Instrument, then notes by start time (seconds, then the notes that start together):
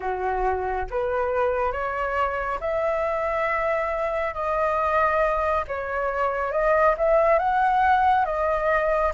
flute
0.00 F#4
0.90 B4
1.72 C#5
2.60 E5
4.34 D#5
5.67 C#5
6.51 D#5
6.97 E5
7.38 F#5
8.25 D#5